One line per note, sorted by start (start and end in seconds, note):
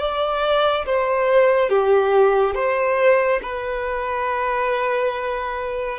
0.00 0.86 D5
0.86 1.70 C5
1.70 2.55 G4
2.55 3.41 C5
3.43 5.99 B4